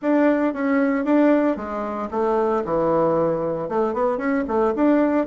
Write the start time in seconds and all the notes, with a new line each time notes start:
0.02 D4
0.53 C#4
1.04 D4
1.56 G#3
2.11 A3
2.65 E3
3.68 A3
3.93 B3
4.17 C#4
4.47 A3
4.75 D4